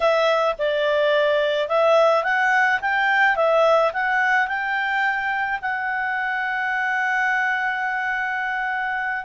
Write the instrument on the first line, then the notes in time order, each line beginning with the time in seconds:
clarinet
0.00 E5
0.58 D5
1.68 E5
2.23 F#5
2.81 G5
3.35 E5
3.93 F#5
4.47 G5
5.61 F#5